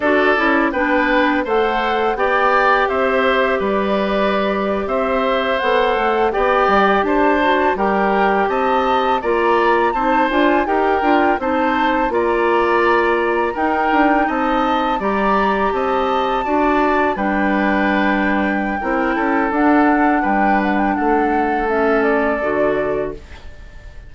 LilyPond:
<<
  \new Staff \with { instrumentName = "flute" } { \time 4/4 \tempo 4 = 83 d''4 g''4 fis''4 g''4 | e''4 d''4.~ d''16 e''4 fis''16~ | fis''8. g''4 a''4 g''4 a''16~ | a''8. ais''4 a''8 gis''8 g''4 a''16~ |
a''8. ais''2 g''4 a''16~ | a''8. ais''4 a''2 g''16~ | g''2. fis''4 | g''8 fis''16 g''16 fis''4 e''8 d''4. | }
  \new Staff \with { instrumentName = "oboe" } { \time 4/4 a'4 b'4 c''4 d''4 | c''4 b'4.~ b'16 c''4~ c''16~ | c''8. d''4 c''4 ais'4 dis''16~ | dis''8. d''4 c''4 ais'4 c''16~ |
c''8. d''2 ais'4 dis''16~ | dis''8. d''4 dis''4 d''4 b'16~ | b'2 ais'8 a'4. | b'4 a'2. | }
  \new Staff \with { instrumentName = "clarinet" } { \time 4/4 fis'8 e'8 d'4 a'4 g'4~ | g'2.~ g'8. a'16~ | a'8. g'4. fis'8 g'4~ g'16~ | g'8. f'4 dis'8 f'8 g'8 f'8 dis'16~ |
dis'8. f'2 dis'4~ dis'16~ | dis'8. g'2 fis'4 d'16~ | d'2 e'4 d'4~ | d'2 cis'4 fis'4 | }
  \new Staff \with { instrumentName = "bassoon" } { \time 4/4 d'8 cis'8 b4 a4 b4 | c'4 g4.~ g16 c'4 b16~ | b16 a8 b8 g8 d'4 g4 c'16~ | c'8. ais4 c'8 d'8 dis'8 d'8 c'16~ |
c'8. ais2 dis'8 d'8 c'16~ | c'8. g4 c'4 d'4 g16~ | g2 c'8 cis'8 d'4 | g4 a2 d4 | }
>>